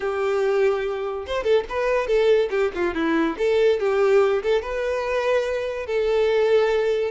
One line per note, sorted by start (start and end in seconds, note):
0.00 1.25 G4
1.26 1.43 C5
1.43 1.64 A4
1.69 2.07 B4
2.07 2.49 A4
2.50 2.71 G4
2.74 2.94 F4
2.94 3.36 E4
3.38 3.79 A4
3.79 4.42 G4
4.42 4.62 A4
4.62 5.86 B4
5.86 7.11 A4